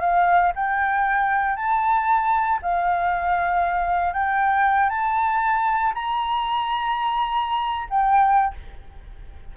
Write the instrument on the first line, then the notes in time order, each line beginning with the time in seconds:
flute
0.00 F5
0.55 G5
1.56 A5
2.62 F5
4.13 G5
4.89 A5
5.94 A#5
7.89 G5